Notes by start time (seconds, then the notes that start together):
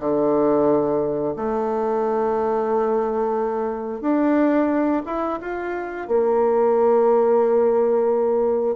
0.00 D3
1.37 A3
4.01 D4
5.06 E4
5.41 F4
6.08 A#3